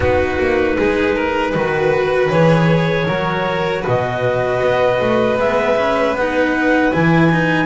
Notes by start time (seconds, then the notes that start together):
0.00 B3 D#4 F#4 B4
0.38 A#3
0.78 G#3 G#4
1.15 A#4
1.51 D#3 F#4 B4
2.30 E3 G#4 C#5
3.07 F#3 F#4 A#4
3.81 B2 B4 D#5
4.61 B3
5.00 A3
5.35 G#3 B3 E5
5.78 C#4
6.13 B3 F#5
6.20 D#4
6.92 E3 E4 G#5
7.31 D#4